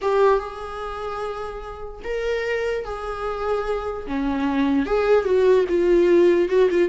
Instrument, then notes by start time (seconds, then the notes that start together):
viola
0.01 G4
0.39 G#4
2.03 A#4
2.84 G#4
4.07 C#4
4.86 G#4
5.24 F#4
5.68 F4
6.49 F#4
6.70 F4